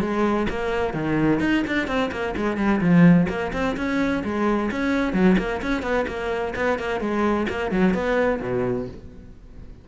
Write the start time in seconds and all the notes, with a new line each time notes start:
0.00 G#3
0.49 A#3
0.93 D#3
1.40 D#4
1.67 D4
1.87 C4
2.11 A#3
2.36 G#3
2.57 G3
2.81 F3
3.29 A#3
3.53 C4
3.76 C#4
4.24 G#3
4.71 C#4
5.13 F#3
5.38 A#3
5.62 C#4
5.82 B3
6.07 A#3
6.55 B3
6.79 A#3
7.00 G#3
7.49 A#3
7.71 F#3
7.93 B3
8.41 B2